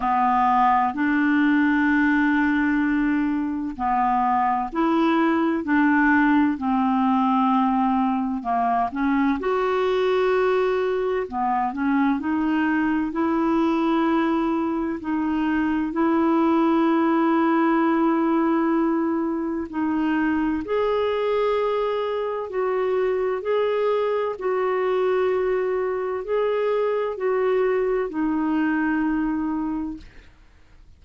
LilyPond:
\new Staff \with { instrumentName = "clarinet" } { \time 4/4 \tempo 4 = 64 b4 d'2. | b4 e'4 d'4 c'4~ | c'4 ais8 cis'8 fis'2 | b8 cis'8 dis'4 e'2 |
dis'4 e'2.~ | e'4 dis'4 gis'2 | fis'4 gis'4 fis'2 | gis'4 fis'4 dis'2 | }